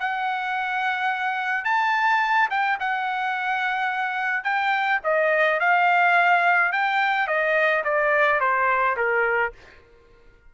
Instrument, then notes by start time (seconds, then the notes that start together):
trumpet
0.00 F#5
1.65 A5
2.51 G5
2.80 F#5
4.44 G5
5.04 D#5
5.60 F5
6.73 G5
7.28 D#5
7.85 D5
8.41 C5
8.97 A#4